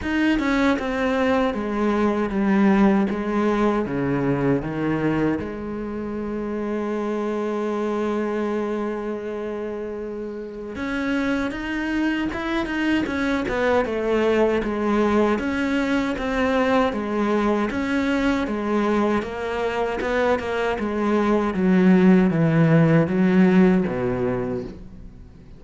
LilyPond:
\new Staff \with { instrumentName = "cello" } { \time 4/4 \tempo 4 = 78 dis'8 cis'8 c'4 gis4 g4 | gis4 cis4 dis4 gis4~ | gis1~ | gis2 cis'4 dis'4 |
e'8 dis'8 cis'8 b8 a4 gis4 | cis'4 c'4 gis4 cis'4 | gis4 ais4 b8 ais8 gis4 | fis4 e4 fis4 b,4 | }